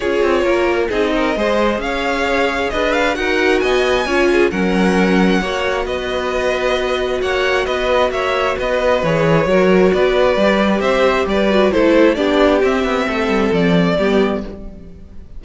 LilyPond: <<
  \new Staff \with { instrumentName = "violin" } { \time 4/4 \tempo 4 = 133 cis''2 dis''2 | f''2 dis''8 f''8 fis''4 | gis''2 fis''2~ | fis''4 dis''2. |
fis''4 dis''4 e''4 dis''4 | cis''2 d''2 | e''4 d''4 c''4 d''4 | e''2 d''2 | }
  \new Staff \with { instrumentName = "violin" } { \time 4/4 gis'4 ais'4 gis'8 ais'8 c''4 | cis''2 b'4 ais'4 | dis''4 cis''8 gis'8 ais'2 | cis''4 b'2. |
cis''4 b'4 cis''4 b'4~ | b'4 ais'4 b'2 | c''4 b'4 a'4 g'4~ | g'4 a'2 g'4 | }
  \new Staff \with { instrumentName = "viola" } { \time 4/4 f'2 dis'4 gis'4~ | gis'2. fis'4~ | fis'4 f'4 cis'2 | fis'1~ |
fis'1 | gis'4 fis'2 g'4~ | g'4. fis'8 e'4 d'4 | c'2. b4 | }
  \new Staff \with { instrumentName = "cello" } { \time 4/4 cis'8 c'8 ais4 c'4 gis4 | cis'2 d'4 dis'4 | b4 cis'4 fis2 | ais4 b2. |
ais4 b4 ais4 b4 | e4 fis4 b4 g4 | c'4 g4 a4 b4 | c'8 b8 a8 g8 f4 g4 | }
>>